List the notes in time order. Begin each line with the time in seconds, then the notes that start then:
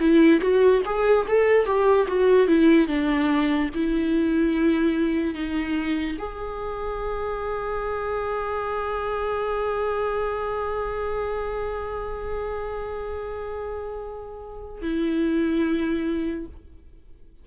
0.00 E4
0.41 F#4
0.86 G#4
1.28 A4
1.66 G4
2.08 F#4
2.48 E4
2.88 D4
3.75 E4
5.35 D#4
6.19 G#4
14.82 E4